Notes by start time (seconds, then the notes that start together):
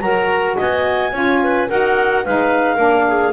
0.00 F#3 F#4 A#4 A#5
0.56 B3 D#5 G#5
1.12 C#4 F4 C#5
1.43 B4
1.68 D#4 F#4 A#4 F#5
2.24 G#3 D#4 B4 F5
2.75 A#3 D4 A#4
3.06 G#4